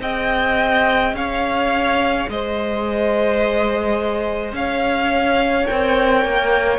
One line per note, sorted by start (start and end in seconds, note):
0.00 1.13 C4
0.00 5.65 G#4
0.00 1.14 D#5
0.00 1.15 G5
1.13 2.26 C#4
1.13 2.30 C#5
1.13 2.29 F5
2.29 4.52 G#3
2.29 4.57 C5
2.29 4.55 D#5
4.52 5.66 C#4
4.52 6.79 C#5
4.52 5.66 F5
5.65 6.25 C4
5.65 6.79 A#4
5.65 6.79 G5
6.25 6.79 A#3